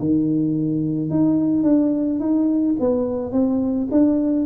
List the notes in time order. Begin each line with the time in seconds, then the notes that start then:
0.00 D#3
1.11 D#4
1.64 D4
2.20 D#4
2.80 B3
3.33 C4
3.92 D4